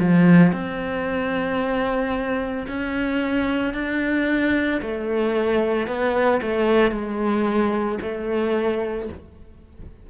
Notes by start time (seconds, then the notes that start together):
0.00 F3
0.53 C4
2.68 C#4
3.74 D4
4.82 A3
5.87 B3
6.42 A3
6.92 G#3
8.02 A3